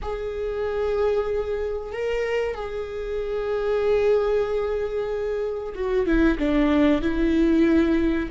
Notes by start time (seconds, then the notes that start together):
0.02 G#4
1.92 A#4
2.54 G#4
5.74 F#4
6.06 E4
6.38 D4
7.01 E4